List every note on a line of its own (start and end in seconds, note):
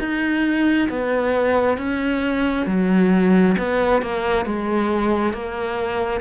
0.00 0.90 D#4
0.90 1.78 B3
1.78 2.67 C#4
2.67 3.57 F#3
3.59 4.02 B3
4.02 4.46 A#3
4.46 5.34 G#3
5.34 6.21 A#3